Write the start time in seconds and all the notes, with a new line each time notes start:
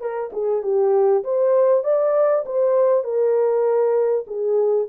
0.00 A#4
0.32 G#4
0.62 G4
1.23 C5
1.83 D5
2.45 C5
3.03 A#4
4.26 G#4